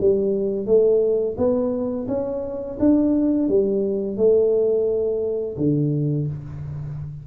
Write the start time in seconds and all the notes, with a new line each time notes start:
0.00 G3
0.66 A3
1.37 B3
2.08 C#4
2.79 D4
3.48 G3
4.17 A3
5.57 D3